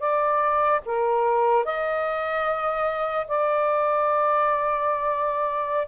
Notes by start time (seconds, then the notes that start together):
0.00 D5
0.86 A#4
1.65 D#5
3.28 D5